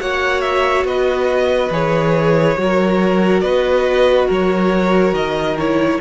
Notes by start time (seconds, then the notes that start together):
0.00 A#3 F#4 C#5 F#5
0.41 E5
0.84 B3 B4 D#5
1.71 E3 G#4 C#5
2.57 F#3 F#4 A#4
3.41 B3 B4 D#5
4.28 F#3 A#4 C#5
5.13 D#3 D#5
5.59 E4 C#5